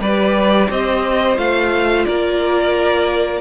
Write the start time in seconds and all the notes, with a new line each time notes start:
0.00 G3 G4 B4 D5
0.70 C4 C5 D#5
1.37 A3 F4 F5
2.05 A#3 A#4 D5